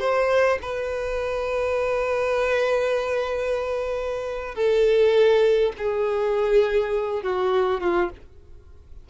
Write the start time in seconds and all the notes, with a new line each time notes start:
0.00 C5
0.62 B4
4.55 A4
5.78 G#4
7.23 F#4
7.81 F4